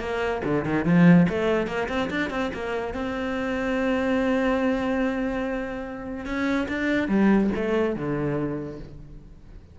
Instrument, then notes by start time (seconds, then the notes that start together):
cello
0.00 A#3
0.44 D3
0.65 D#3
0.85 F3
1.29 A3
1.67 A#3
1.88 C4
2.10 D4
2.30 C4
2.54 A#3
2.94 C4
6.25 C#4
6.68 D4
7.08 G3
7.55 A3
7.96 D3